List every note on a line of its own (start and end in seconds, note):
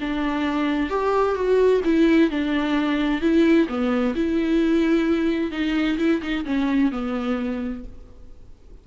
0.00 0.89 D4
0.89 1.35 G4
1.35 1.81 F#4
1.84 2.30 E4
2.30 3.21 D4
3.21 3.67 E4
3.68 4.14 B3
4.15 5.51 E4
5.51 5.97 D#4
5.97 6.21 E4
6.21 6.44 D#4
6.45 6.91 C#4
6.91 7.84 B3